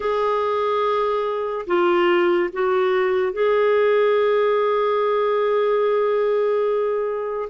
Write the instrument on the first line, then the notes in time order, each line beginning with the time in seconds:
clarinet
0.00 G#4
1.66 F4
2.52 F#4
3.32 G#4